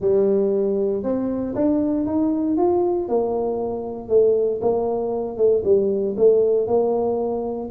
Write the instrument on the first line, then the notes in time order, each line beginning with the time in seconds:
tuba
0.00 G3
1.03 C4
1.55 D4
2.06 D#4
2.57 F4
3.08 A#3
4.09 A3
4.61 A#3
5.37 A3
5.64 G3
6.17 A3
6.67 A#3